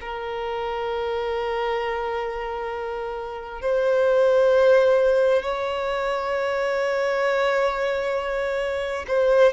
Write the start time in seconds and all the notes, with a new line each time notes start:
0.00 A#4
3.61 C5
5.42 C#5
9.08 C5